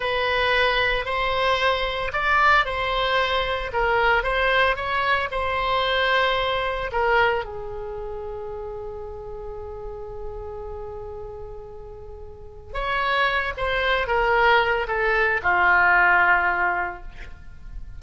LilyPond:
\new Staff \with { instrumentName = "oboe" } { \time 4/4 \tempo 4 = 113 b'2 c''2 | d''4 c''2 ais'4 | c''4 cis''4 c''2~ | c''4 ais'4 gis'2~ |
gis'1~ | gis'1 | cis''4. c''4 ais'4. | a'4 f'2. | }